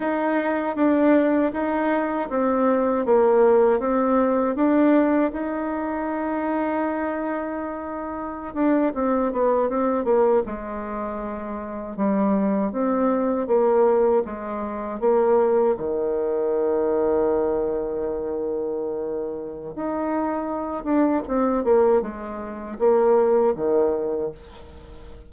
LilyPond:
\new Staff \with { instrumentName = "bassoon" } { \time 4/4 \tempo 4 = 79 dis'4 d'4 dis'4 c'4 | ais4 c'4 d'4 dis'4~ | dis'2.~ dis'16 d'8 c'16~ | c'16 b8 c'8 ais8 gis2 g16~ |
g8. c'4 ais4 gis4 ais16~ | ais8. dis2.~ dis16~ | dis2 dis'4. d'8 | c'8 ais8 gis4 ais4 dis4 | }